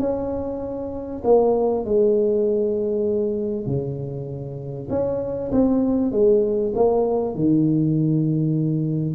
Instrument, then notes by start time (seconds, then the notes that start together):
tuba
0.00 C#4
1.24 A#3
1.85 G#3
3.66 C#3
4.90 C#4
5.52 C4
6.12 G#3
6.75 A#3
7.35 D#3